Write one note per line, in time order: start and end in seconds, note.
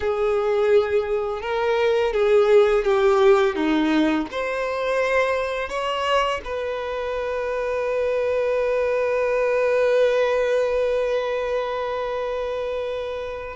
0.00 1.41 G#4
1.41 2.13 A#4
2.13 2.84 G#4
2.84 3.55 G4
3.55 4.27 D#4
4.31 5.69 C5
5.69 6.40 C#5
6.44 13.56 B4